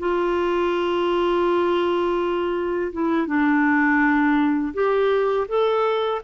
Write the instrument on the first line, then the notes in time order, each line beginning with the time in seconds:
clarinet
0.00 F4
2.93 E4
3.27 D4
4.74 G4
5.48 A4